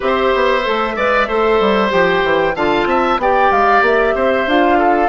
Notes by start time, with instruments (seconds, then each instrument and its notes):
0.00 bassoon C4, clarinet G4, oboe C5, flute E5
0.34 bassoon B3
0.63 bassoon A3, clarinet A4
0.96 bassoon G#3, clarinet B4, oboe D5
1.28 bassoon A3, clarinet A4, oboe C5
1.60 bassoon G3
1.89 bassoon F3, clarinet G4, flute G5
2.23 bassoon E3
2.55 bassoon D3, clarinet F4, oboe F5, flute A5
2.85 bassoon C4, oboe E5
3.17 bassoon B3, clarinet G4, oboe D5, flute G5
3.51 bassoon G#3, flute F5
3.81 bassoon A#3, flute E5
4.14 bassoon C4, oboe C5
4.46 bassoon D4, clarinet F4, flute F5
4.78 oboe A4